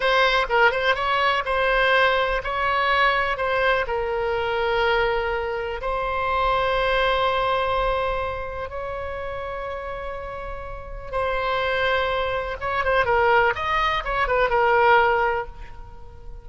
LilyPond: \new Staff \with { instrumentName = "oboe" } { \time 4/4 \tempo 4 = 124 c''4 ais'8 c''8 cis''4 c''4~ | c''4 cis''2 c''4 | ais'1 | c''1~ |
c''2 cis''2~ | cis''2. c''4~ | c''2 cis''8 c''8 ais'4 | dis''4 cis''8 b'8 ais'2 | }